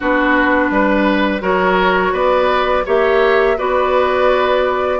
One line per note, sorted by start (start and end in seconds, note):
0.00 0.70 B3
0.00 1.40 D4
0.00 0.70 F#4
0.00 1.42 B4
0.70 1.42 G3
0.70 1.42 B4
1.40 2.12 F#3
1.40 2.83 F#4
1.40 2.12 A#4
1.40 2.13 C#5
2.12 2.84 B3
2.12 2.84 B4
2.12 2.85 D5
2.85 3.58 A#3
2.85 3.57 G4
2.85 3.57 C#5
2.85 3.58 E5
3.57 4.99 B3
3.57 4.99 F#4
3.57 4.99 B4
3.57 4.99 D5